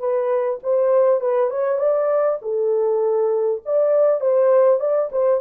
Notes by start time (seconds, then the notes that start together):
0.00 B4
0.64 C5
1.21 B4
1.51 C#5
1.79 D5
2.42 A4
3.66 D5
4.21 C5
4.80 D5
5.12 C5